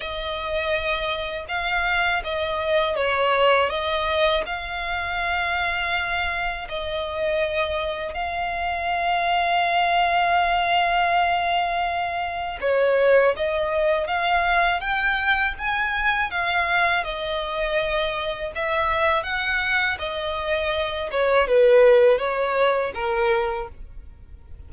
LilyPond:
\new Staff \with { instrumentName = "violin" } { \time 4/4 \tempo 4 = 81 dis''2 f''4 dis''4 | cis''4 dis''4 f''2~ | f''4 dis''2 f''4~ | f''1~ |
f''4 cis''4 dis''4 f''4 | g''4 gis''4 f''4 dis''4~ | dis''4 e''4 fis''4 dis''4~ | dis''8 cis''8 b'4 cis''4 ais'4 | }